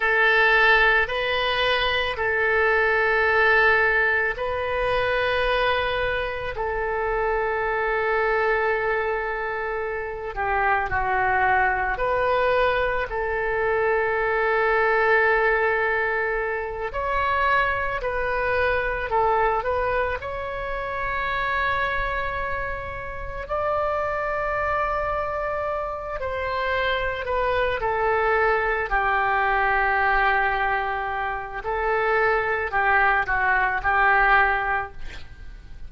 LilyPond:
\new Staff \with { instrumentName = "oboe" } { \time 4/4 \tempo 4 = 55 a'4 b'4 a'2 | b'2 a'2~ | a'4. g'8 fis'4 b'4 | a'2.~ a'8 cis''8~ |
cis''8 b'4 a'8 b'8 cis''4.~ | cis''4. d''2~ d''8 | c''4 b'8 a'4 g'4.~ | g'4 a'4 g'8 fis'8 g'4 | }